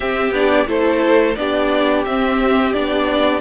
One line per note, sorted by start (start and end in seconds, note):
0.00 0.33 C4
0.00 0.31 C4
0.00 0.67 G4
0.00 0.33 E5
0.31 0.65 B3
0.31 0.66 D4
0.31 0.68 D5
0.66 1.36 A3
0.66 1.35 E4
0.66 1.37 A4
0.66 1.35 C5
1.35 2.05 B3
1.35 2.06 D4
1.35 3.41 G4
1.35 2.04 D5
2.05 2.74 C4
2.05 2.73 C4
2.05 2.72 E5
2.72 3.41 B3
2.72 3.41 D4
2.72 3.40 D5